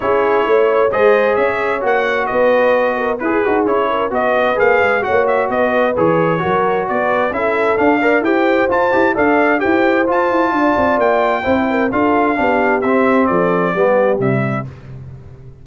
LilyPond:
<<
  \new Staff \with { instrumentName = "trumpet" } { \time 4/4 \tempo 4 = 131 cis''2 dis''4 e''4 | fis''4 dis''2 b'4 | cis''4 dis''4 f''4 fis''8 e''8 | dis''4 cis''2 d''4 |
e''4 f''4 g''4 a''4 | f''4 g''4 a''2 | g''2 f''2 | e''4 d''2 e''4 | }
  \new Staff \with { instrumentName = "horn" } { \time 4/4 gis'4 cis''4 c''4 cis''4~ | cis''4 b'4. ais'8 gis'4~ | gis'8 ais'8 b'2 cis''4 | b'2 ais'4 b'4 |
a'4. d''8 c''2 | d''4 c''2 d''4~ | d''4 c''8 ais'8 a'4 g'4~ | g'4 a'4 g'2 | }
  \new Staff \with { instrumentName = "trombone" } { \time 4/4 e'2 gis'2 | fis'2. gis'8 fis'8 | e'4 fis'4 gis'4 fis'4~ | fis'4 gis'4 fis'2 |
e'4 d'8 ais'8 g'4 f'8 g'8 | a'4 g'4 f'2~ | f'4 e'4 f'4 d'4 | c'2 b4 g4 | }
  \new Staff \with { instrumentName = "tuba" } { \time 4/4 cis'4 a4 gis4 cis'4 | ais4 b2 e'8 dis'8 | cis'4 b4 ais8 gis8 ais4 | b4 e4 fis4 b4 |
cis'4 d'4 e'4 f'8 e'8 | d'4 e'4 f'8 e'8 d'8 c'8 | ais4 c'4 d'4 b4 | c'4 f4 g4 c4 | }
>>